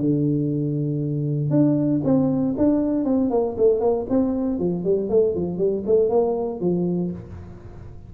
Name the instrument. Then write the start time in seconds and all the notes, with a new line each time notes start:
tuba
0.00 D3
1.50 D4
2.05 C4
2.58 D4
3.05 C4
3.31 A#3
3.58 A3
3.80 A#3
4.10 C4
4.59 F3
4.84 G3
5.10 A3
5.35 F3
5.58 G3
5.86 A3
6.10 A#3
6.61 F3